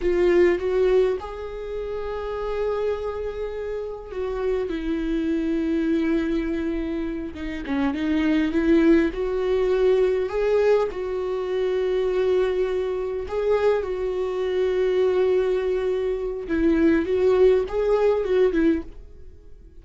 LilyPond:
\new Staff \with { instrumentName = "viola" } { \time 4/4 \tempo 4 = 102 f'4 fis'4 gis'2~ | gis'2. fis'4 | e'1~ | e'8 dis'8 cis'8 dis'4 e'4 fis'8~ |
fis'4. gis'4 fis'4.~ | fis'2~ fis'8 gis'4 fis'8~ | fis'1 | e'4 fis'4 gis'4 fis'8 e'8 | }